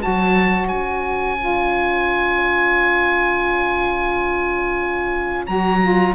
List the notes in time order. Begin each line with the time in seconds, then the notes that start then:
0.00 F#4 C#5 A5
0.06 F#3
0.68 C#4 G#5
1.39 F4
5.46 F#3 F#4 A#5
5.81 F4